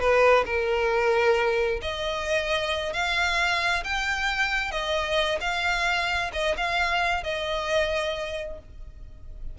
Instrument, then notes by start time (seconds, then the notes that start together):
violin
0.00 B4
0.46 A#4
1.82 D#5
2.93 F5
3.84 G5
4.72 D#5
5.41 F5
6.33 D#5
6.57 F5
7.24 D#5